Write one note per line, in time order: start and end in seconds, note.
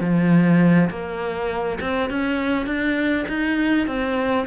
0.00 0.89 F3
0.90 1.79 A#3
1.80 2.10 C4
2.10 2.66 C#4
2.66 3.25 D4
3.28 3.87 D#4
3.87 4.46 C4